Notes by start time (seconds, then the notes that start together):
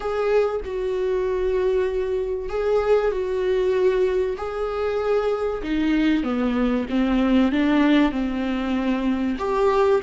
0.00 G#4
0.64 F#4
2.49 G#4
3.11 F#4
4.37 G#4
5.62 D#4
6.23 B3
6.89 C4
7.52 D4
8.11 C4
9.38 G4